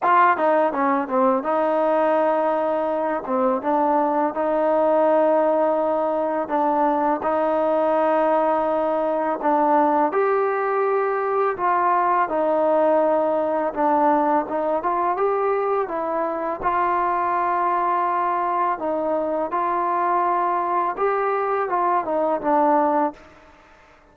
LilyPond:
\new Staff \with { instrumentName = "trombone" } { \time 4/4 \tempo 4 = 83 f'8 dis'8 cis'8 c'8 dis'2~ | dis'8 c'8 d'4 dis'2~ | dis'4 d'4 dis'2~ | dis'4 d'4 g'2 |
f'4 dis'2 d'4 | dis'8 f'8 g'4 e'4 f'4~ | f'2 dis'4 f'4~ | f'4 g'4 f'8 dis'8 d'4 | }